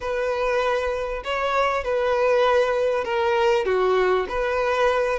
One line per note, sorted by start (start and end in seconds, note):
0.01 1.23 B4
1.24 1.84 C#5
1.84 3.04 B4
3.04 3.65 A#4
3.65 4.26 F#4
4.28 5.19 B4